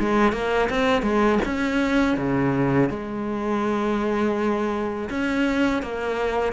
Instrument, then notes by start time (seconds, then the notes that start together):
cello
0.00 G#3
0.33 A#3
0.70 C4
1.03 G#3
1.46 C#4
2.18 C#3
2.90 G#3
5.10 C#4
5.83 A#3